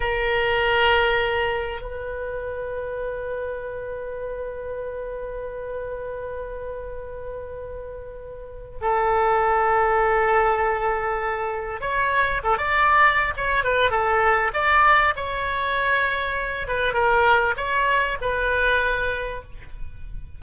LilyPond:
\new Staff \with { instrumentName = "oboe" } { \time 4/4 \tempo 4 = 99 ais'2. b'4~ | b'1~ | b'1~ | b'2~ b'8 a'4.~ |
a'2.~ a'8 cis''8~ | cis''8 a'16 d''4~ d''16 cis''8 b'8 a'4 | d''4 cis''2~ cis''8 b'8 | ais'4 cis''4 b'2 | }